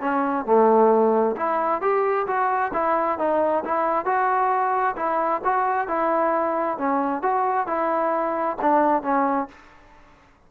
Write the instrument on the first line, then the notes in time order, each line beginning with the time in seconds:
trombone
0.00 C#4
0.45 A3
1.36 E4
1.81 G4
2.27 F#4
2.73 E4
3.18 D#4
3.65 E4
4.05 F#4
4.96 E4
5.44 F#4
5.88 E4
6.78 C#4
7.22 F#4
7.67 E4
8.61 D4
9.02 C#4